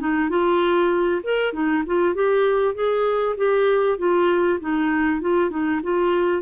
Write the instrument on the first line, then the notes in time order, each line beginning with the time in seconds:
clarinet
0.00 D#4
0.30 F4
1.24 A#4
1.53 D#4
1.86 F4
2.15 G4
2.75 G#4
3.37 G4
3.99 F4
4.61 D#4
5.21 F4
5.50 D#4
5.83 F4